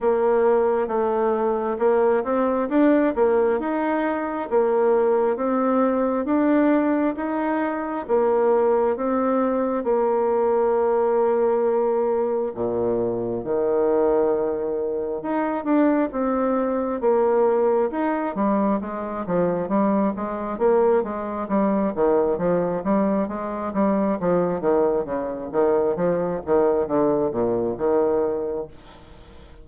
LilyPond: \new Staff \with { instrumentName = "bassoon" } { \time 4/4 \tempo 4 = 67 ais4 a4 ais8 c'8 d'8 ais8 | dis'4 ais4 c'4 d'4 | dis'4 ais4 c'4 ais4~ | ais2 ais,4 dis4~ |
dis4 dis'8 d'8 c'4 ais4 | dis'8 g8 gis8 f8 g8 gis8 ais8 gis8 | g8 dis8 f8 g8 gis8 g8 f8 dis8 | cis8 dis8 f8 dis8 d8 ais,8 dis4 | }